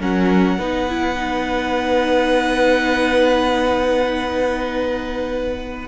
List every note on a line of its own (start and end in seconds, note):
0.00 0.59 F#3
0.00 0.59 C#4
0.00 0.59 A#4
0.00 5.89 F#5
0.59 5.88 B3
0.59 0.89 D#4
0.59 5.88 B4
0.89 1.16 E4
1.16 5.86 D#4